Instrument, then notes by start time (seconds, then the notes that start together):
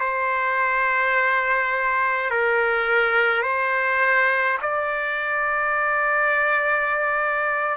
trumpet
0.00 C5
2.30 A#4
3.42 C5
4.62 D5